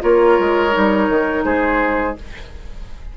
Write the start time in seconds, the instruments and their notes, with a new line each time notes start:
0.00 bassoon A#3, clarinet F4, oboe A#4, flute C#5
0.39 bassoon G#3
0.71 bassoon G3, clarinet D#4
1.09 bassoon D#3
1.44 bassoon G#3, oboe G#4, flute C5